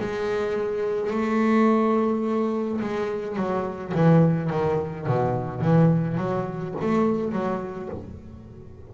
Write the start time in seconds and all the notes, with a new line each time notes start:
0.00 G#3
1.11 A3
2.81 G#3
3.37 F#3
3.95 E3
4.50 D#3
5.07 B2
5.61 E3
6.17 F#3
6.82 A3
7.33 F#3